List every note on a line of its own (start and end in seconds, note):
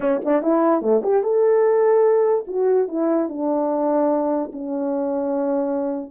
0.00 0.21 C#4
0.24 0.42 D4
0.42 0.81 E4
0.81 1.02 A3
1.03 1.23 G4
1.23 2.45 A4
2.47 2.88 F#4
2.88 3.28 E4
3.29 4.51 D4
4.52 6.10 C#4